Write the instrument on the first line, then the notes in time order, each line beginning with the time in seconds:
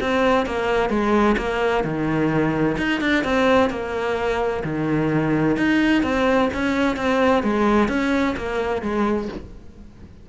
cello
0.00 C4
0.46 A#3
0.89 G#3
1.37 A#3
1.84 D#3
2.77 D#4
3.01 D4
3.24 C4
3.70 A#3
4.64 D#3
5.57 D#4
6.03 C4
6.53 C#4
6.96 C4
7.43 G#3
7.88 C#4
8.37 A#3
8.82 G#3